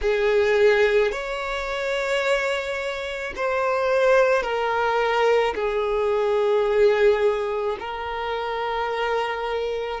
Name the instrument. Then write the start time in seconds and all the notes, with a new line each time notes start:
violin
0.01 G#4
1.11 C#5
3.36 C5
4.42 A#4
5.55 G#4
7.79 A#4